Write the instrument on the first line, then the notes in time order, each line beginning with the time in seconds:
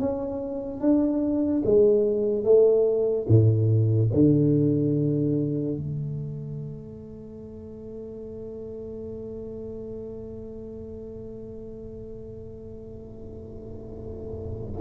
tuba
0.00 C#4
0.81 D4
1.65 G#3
2.44 A3
3.28 A2
4.14 D3
5.77 A3